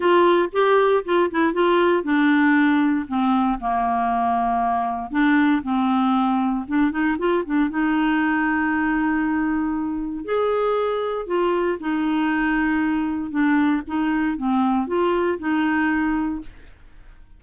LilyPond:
\new Staff \with { instrumentName = "clarinet" } { \time 4/4 \tempo 4 = 117 f'4 g'4 f'8 e'8 f'4 | d'2 c'4 ais4~ | ais2 d'4 c'4~ | c'4 d'8 dis'8 f'8 d'8 dis'4~ |
dis'1 | gis'2 f'4 dis'4~ | dis'2 d'4 dis'4 | c'4 f'4 dis'2 | }